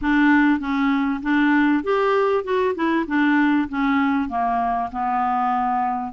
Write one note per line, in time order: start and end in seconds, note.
0.01 0.59 D4
0.59 1.20 C#4
1.22 1.83 D4
1.83 2.44 G4
2.44 2.74 F#4
2.75 3.05 E4
3.07 3.68 D4
3.68 4.29 C#4
4.29 4.90 A#3
4.91 6.12 B3